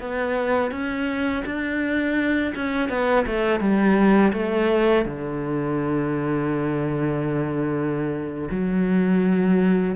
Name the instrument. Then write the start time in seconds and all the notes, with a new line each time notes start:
cello
0.00 B3
0.71 C#4
1.46 D4
2.55 C#4
2.89 B3
3.27 A3
3.60 G3
4.33 A3
5.05 D3
8.51 F#3